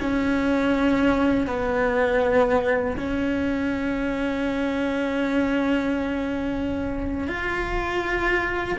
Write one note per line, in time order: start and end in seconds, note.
0.00 1.47 C#4
1.47 2.97 B3
2.98 7.28 C#4
7.28 8.78 F4